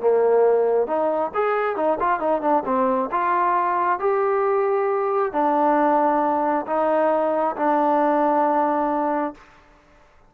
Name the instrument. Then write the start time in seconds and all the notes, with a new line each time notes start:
trombone
0.00 A#3
0.87 D#4
1.34 G#4
1.76 D#4
1.99 F4
2.20 D#4
2.41 D4
2.65 C4
3.11 F4
3.99 G4
5.32 D4
6.66 D#4
7.56 D4